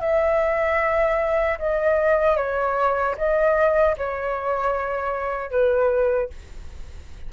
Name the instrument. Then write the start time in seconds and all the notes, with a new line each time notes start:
flute
0.00 E5
1.58 D#5
2.36 C#5
3.17 D#5
3.97 C#5
5.51 B4